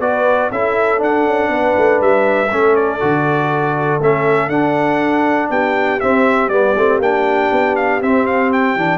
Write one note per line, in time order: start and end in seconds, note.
0.00 0.50 B3
0.00 0.51 F#4
0.00 0.51 B4
0.00 0.51 D5
0.51 1.01 C#4
0.51 0.98 E4
0.51 1.51 A4
0.51 1.02 E5
0.98 2.48 D4
0.98 1.26 D4
0.98 2.02 F#5
1.26 1.49 C#4
1.49 1.74 B3
1.49 2.50 B4
1.78 2.01 A3
2.01 2.51 G3
2.01 2.76 E5
2.50 3.02 A3
2.50 3.00 C#4
2.50 5.50 A4
2.76 4.01 D5
3.00 4.01 D3
3.00 4.00 F#4
4.01 4.49 A3
4.01 4.51 C#4
4.01 4.50 E5
4.49 5.49 D4
4.49 6.01 D4
4.49 5.50 F#5
5.50 6.00 B3
5.50 8.98 G4
5.50 6.00 G5
6.00 6.51 C4
6.00 6.49 C4
6.00 6.49 E5
6.49 6.74 G3
6.49 6.76 B3
6.49 6.99 D5
6.76 6.99 A3
6.76 7.02 C4
6.99 7.49 A#3
6.99 8.02 D4
6.99 7.76 G5
7.52 8.02 B3
7.76 8.01 F5
8.02 8.76 C4
8.02 8.78 C4
8.02 8.26 E5
8.26 8.51 F5
8.53 8.98 G5
8.76 8.98 E3
8.76 8.98 D4